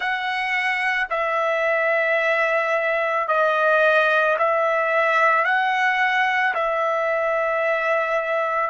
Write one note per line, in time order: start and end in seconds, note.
0.00 1.07 F#5
1.10 3.27 E5
3.27 4.36 D#5
4.38 5.44 E5
5.44 6.54 F#5
6.54 8.70 E5